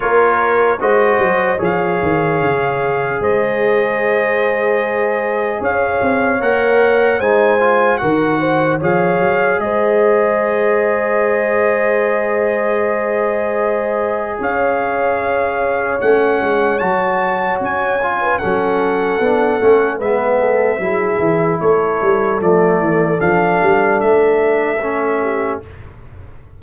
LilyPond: <<
  \new Staff \with { instrumentName = "trumpet" } { \time 4/4 \tempo 4 = 75 cis''4 dis''4 f''2 | dis''2. f''4 | fis''4 gis''4 fis''4 f''4 | dis''1~ |
dis''2 f''2 | fis''4 a''4 gis''4 fis''4~ | fis''4 e''2 cis''4 | d''4 f''4 e''2 | }
  \new Staff \with { instrumentName = "horn" } { \time 4/4 ais'4 c''4 cis''2 | c''2. cis''4~ | cis''4 c''4 ais'8 c''8 cis''4 | c''1~ |
c''2 cis''2~ | cis''2~ cis''8. b'16 a'4~ | a'4 b'8 a'8 gis'4 a'4~ | a'2.~ a'8 g'8 | }
  \new Staff \with { instrumentName = "trombone" } { \time 4/4 f'4 fis'4 gis'2~ | gis'1 | ais'4 dis'8 f'8 fis'4 gis'4~ | gis'1~ |
gis'1 | cis'4 fis'4. f'8 cis'4 | d'8 cis'8 b4 e'2 | a4 d'2 cis'4 | }
  \new Staff \with { instrumentName = "tuba" } { \time 4/4 ais4 gis8 fis8 f8 dis8 cis4 | gis2. cis'8 c'8 | ais4 gis4 dis4 f8 fis8 | gis1~ |
gis2 cis'2 | a8 gis8 fis4 cis'4 fis4 | b8 a8 gis4 fis8 e8 a8 g8 | f8 e8 f8 g8 a2 | }
>>